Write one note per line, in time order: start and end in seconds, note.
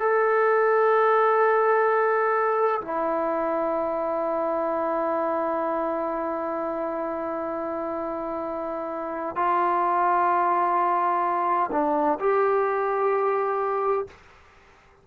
0.00 2.81 A4
2.82 9.36 E4
9.36 11.71 F4
11.72 12.19 D4
12.20 14.08 G4